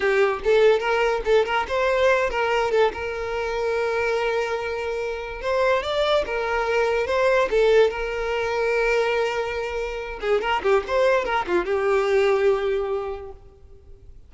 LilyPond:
\new Staff \with { instrumentName = "violin" } { \time 4/4 \tempo 4 = 144 g'4 a'4 ais'4 a'8 ais'8 | c''4. ais'4 a'8 ais'4~ | ais'1~ | ais'4 c''4 d''4 ais'4~ |
ais'4 c''4 a'4 ais'4~ | ais'1~ | ais'8 gis'8 ais'8 g'8 c''4 ais'8 f'8 | g'1 | }